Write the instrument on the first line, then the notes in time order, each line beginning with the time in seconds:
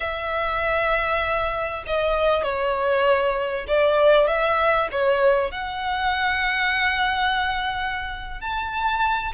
violin
0.00 E5
1.86 D#5
2.43 C#5
3.67 D5
4.27 E5
4.91 C#5
5.51 F#5
8.40 A5